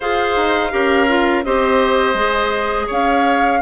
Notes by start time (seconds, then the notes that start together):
0.00 F4 G#4 C5 F5
0.36 D#4
0.70 C#4 G4 A#4
1.08 F4
1.44 C4 G4 C5 D#5
2.14 G#3 G#4
2.86 C#4 C#5 F5